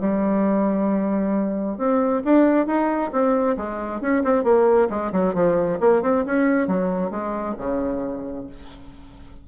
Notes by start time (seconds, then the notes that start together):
0.00 G3
1.78 C4
2.25 D4
2.67 D#4
3.12 C4
3.57 G#3
4.01 C#4
4.24 C4
4.44 A#3
4.90 G#3
5.12 F#3
5.34 F3
5.80 A#3
6.02 C4
6.26 C#4
6.67 F#3
7.11 G#3
7.58 C#3